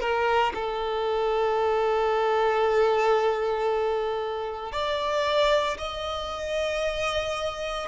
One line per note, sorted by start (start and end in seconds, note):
0.00 0.53 A#4
0.54 4.72 A4
4.72 5.77 D5
5.78 7.88 D#5